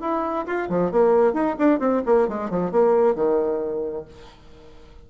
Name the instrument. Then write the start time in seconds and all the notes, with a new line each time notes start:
bassoon
0.00 E4
0.46 F4
0.69 F3
0.91 A#3
1.33 D#4
1.59 D4
1.79 C4
2.05 A#3
2.28 G#3
2.50 F3
2.71 A#3
3.15 D#3